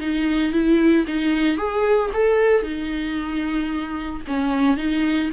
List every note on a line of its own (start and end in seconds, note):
0.00 0.52 D#4
0.52 1.05 E4
1.07 1.57 D#4
1.57 2.10 G#4
2.13 2.62 A4
2.62 4.22 D#4
4.27 4.77 C#4
4.77 5.30 D#4